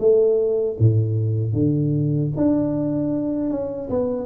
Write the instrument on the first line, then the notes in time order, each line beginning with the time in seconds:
tuba
0.00 A3
0.80 A2
1.54 D3
2.37 D4
3.51 C#4
3.90 B3